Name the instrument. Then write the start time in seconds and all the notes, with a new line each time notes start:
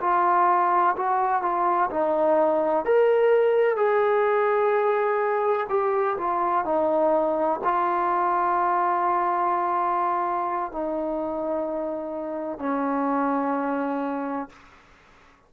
trombone
0.00 F4
0.97 F#4
1.42 F4
1.90 D#4
2.85 A#4
3.76 G#4
5.69 G4
6.17 F4
6.65 D#4
7.64 F4
10.72 D#4
12.59 C#4